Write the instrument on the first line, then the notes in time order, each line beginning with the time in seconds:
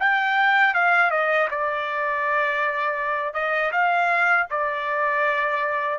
trumpet
0.00 G5
0.74 F5
1.10 D#5
1.50 D5
3.34 D#5
3.72 F5
4.50 D5